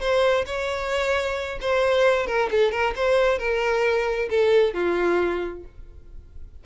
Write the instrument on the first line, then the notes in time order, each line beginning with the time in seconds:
violin
0.00 C5
0.46 C#5
1.61 C5
2.27 A#4
2.51 A4
2.71 A#4
2.95 C5
3.39 A#4
4.30 A4
4.74 F4